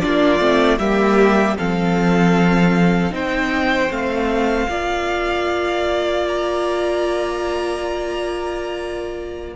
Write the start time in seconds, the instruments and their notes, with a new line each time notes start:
0.00 cello A#3, viola D4, violin F4 D5
0.40 cello A3, viola C4
0.79 cello G3, viola A#3, violin G4 E5
1.58 cello F3, viola C4, violin A4 F5
3.11 cello C4, viola D#4, violin C5 G5
3.90 cello A3, viola C4, violin F5
4.69 cello A#3, viola F4, violin D5
6.28 violin A#5